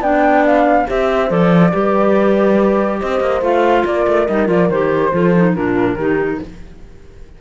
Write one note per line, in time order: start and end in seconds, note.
0.00 0.85 B3
0.00 0.87 D4
0.00 0.86 D5
0.00 0.45 G5
0.46 0.89 F5
0.87 1.30 C4
0.87 1.29 G4
0.87 1.73 C5
0.87 1.31 E5
1.29 1.73 F3
1.29 1.71 A4
1.29 3.00 D5
1.72 3.02 G3
1.72 3.42 G4
1.72 3.00 B4
3.00 3.20 C4
3.00 3.85 C5
3.00 3.42 D#5
3.20 3.41 A#3
3.41 3.84 A3
3.41 4.27 F4
3.41 3.86 F5
3.85 4.06 A#3
3.85 5.13 A#4
3.85 4.27 D5
4.07 4.28 A3
4.27 4.49 G3
4.27 4.47 D#4
4.27 4.49 D#5
4.47 4.70 F3
4.47 4.68 F4
4.47 4.70 D5
4.70 5.12 D#3
4.70 5.12 G4
4.70 5.55 C5
5.12 5.56 F3
5.12 5.34 F4
5.12 5.55 A4
5.35 5.55 D#4
5.55 5.96 A#2
5.55 5.98 D4
5.55 5.98 F4
5.55 6.40 A#4
5.96 6.39 D#3
5.96 6.41 D#4
5.96 6.40 G4